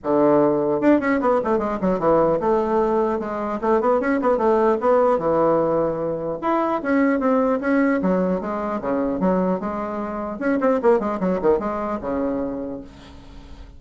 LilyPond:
\new Staff \with { instrumentName = "bassoon" } { \time 4/4 \tempo 4 = 150 d2 d'8 cis'8 b8 a8 | gis8 fis8 e4 a2 | gis4 a8 b8 cis'8 b8 a4 | b4 e2. |
e'4 cis'4 c'4 cis'4 | fis4 gis4 cis4 fis4 | gis2 cis'8 c'8 ais8 gis8 | fis8 dis8 gis4 cis2 | }